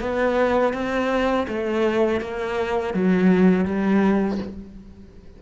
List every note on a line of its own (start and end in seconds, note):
0.00 0.73 B3
0.73 1.46 C4
1.48 2.21 A3
2.21 2.94 A#3
2.94 3.65 F#3
3.65 4.38 G3